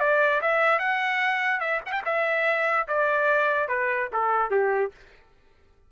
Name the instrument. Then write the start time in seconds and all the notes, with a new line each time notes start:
trumpet
0.00 D5
0.42 E5
0.79 F#5
1.60 E5
1.86 F#5
1.92 G5
2.05 E5
2.88 D5
3.68 B4
4.13 A4
4.51 G4